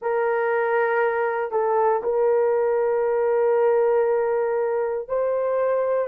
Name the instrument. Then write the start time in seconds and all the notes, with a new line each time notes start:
horn
0.01 A#4
1.51 A4
2.03 A#4
5.08 C5